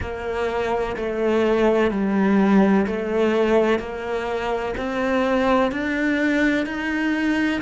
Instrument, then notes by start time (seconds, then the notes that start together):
cello
0.00 A#3
0.96 A3
1.90 G3
2.86 A3
3.79 A#3
4.77 C4
5.71 D4
6.65 D#4